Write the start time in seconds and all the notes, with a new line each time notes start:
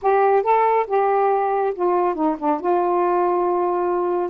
0.01 G4
0.42 A4
0.87 G4
1.74 F4
2.14 D#4
2.38 D4
2.60 F4